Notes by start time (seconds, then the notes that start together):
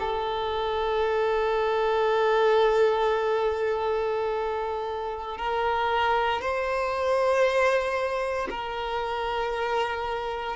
0.00 A4
5.38 A#4
6.41 C5
8.50 A#4